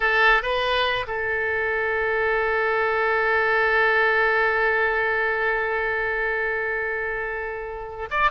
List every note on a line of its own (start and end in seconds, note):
0.00 0.42 A4
0.42 1.06 B4
1.07 8.09 A4
8.10 8.31 D5